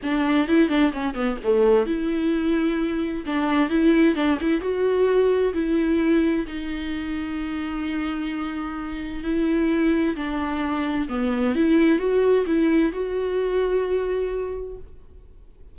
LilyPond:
\new Staff \with { instrumentName = "viola" } { \time 4/4 \tempo 4 = 130 d'4 e'8 d'8 cis'8 b8 a4 | e'2. d'4 | e'4 d'8 e'8 fis'2 | e'2 dis'2~ |
dis'1 | e'2 d'2 | b4 e'4 fis'4 e'4 | fis'1 | }